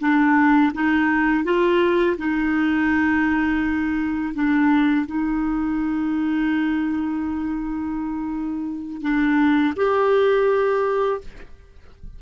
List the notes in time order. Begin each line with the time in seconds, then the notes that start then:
0.00 D4
0.74 D#4
1.44 F4
2.18 D#4
4.34 D4
5.06 D#4
9.02 D4
9.76 G4